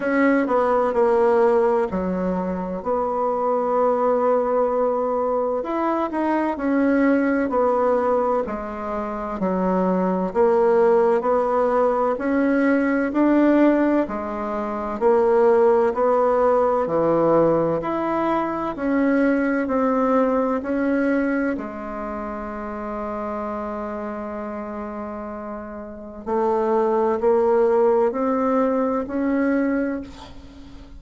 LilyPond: \new Staff \with { instrumentName = "bassoon" } { \time 4/4 \tempo 4 = 64 cis'8 b8 ais4 fis4 b4~ | b2 e'8 dis'8 cis'4 | b4 gis4 fis4 ais4 | b4 cis'4 d'4 gis4 |
ais4 b4 e4 e'4 | cis'4 c'4 cis'4 gis4~ | gis1 | a4 ais4 c'4 cis'4 | }